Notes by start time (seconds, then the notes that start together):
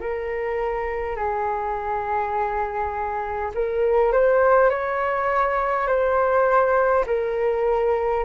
0.00 A#4
1.16 G#4
3.54 A#4
4.12 C5
4.70 C#5
5.87 C5
7.06 A#4